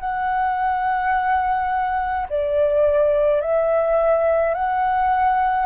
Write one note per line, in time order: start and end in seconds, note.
0.00 2.26 F#5
2.29 3.41 D5
3.41 4.54 E5
4.54 5.66 F#5